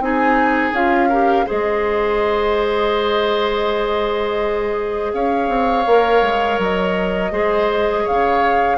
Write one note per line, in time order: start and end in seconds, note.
0.00 0.73 C4
0.00 0.74 D#4
0.00 1.09 G#4
0.00 0.76 G#5
0.73 1.46 C#4
0.73 1.11 F4
0.73 1.49 F5
1.09 1.47 G4
1.09 1.46 A#4
1.47 5.14 G#3
1.47 5.86 G#4
1.47 5.12 C5
1.47 5.14 D#5
5.14 5.49 C#4
5.14 7.33 C#5
5.14 6.60 F5
5.49 5.86 C4
5.87 6.22 A#3
5.87 7.32 A#4
6.22 6.59 G#3
6.59 7.32 F#3
6.59 8.08 D#5
7.32 8.05 G#3
7.32 8.79 G#4
7.32 8.04 C5
8.04 8.79 C#3
8.04 8.77 C#5
8.04 8.79 F5